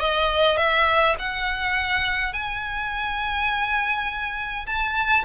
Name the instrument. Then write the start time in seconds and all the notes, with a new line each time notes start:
violin
0.00 D#5
0.57 E5
1.19 F#5
2.33 G#5
4.67 A5